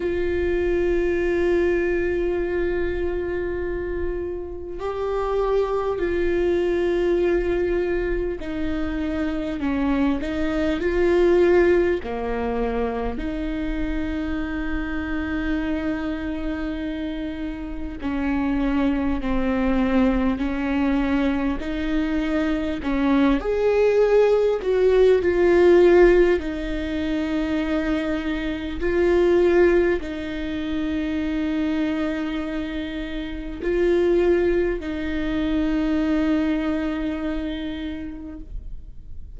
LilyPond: \new Staff \with { instrumentName = "viola" } { \time 4/4 \tempo 4 = 50 f'1 | g'4 f'2 dis'4 | cis'8 dis'8 f'4 ais4 dis'4~ | dis'2. cis'4 |
c'4 cis'4 dis'4 cis'8 gis'8~ | gis'8 fis'8 f'4 dis'2 | f'4 dis'2. | f'4 dis'2. | }